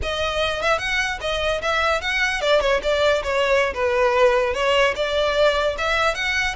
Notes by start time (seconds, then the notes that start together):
0.02 D#5
0.62 E5
0.78 F#5
1.20 D#5
1.61 E5
2.01 F#5
2.41 D5
2.60 C#5
2.82 D5
3.23 C#5
3.73 B4
4.54 C#5
4.95 D5
5.77 E5
6.14 F#5